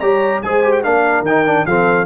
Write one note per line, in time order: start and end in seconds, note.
0.00 0.43 G3
0.00 0.43 G4
0.00 0.42 C#5
0.00 0.41 A#5
0.42 0.84 G#3
0.42 0.64 G#4
0.42 0.85 C5
0.42 0.72 G#5
0.64 0.84 G4
0.72 0.82 G5
0.83 1.21 A#3
0.83 1.25 D4
0.83 1.66 A#4
0.83 1.25 F5
1.21 1.63 D#3
1.21 1.66 G5
1.28 1.46 D#4
1.46 1.66 D4
1.66 2.06 F3
1.66 2.06 C4
1.66 2.06 A4
1.66 2.06 F5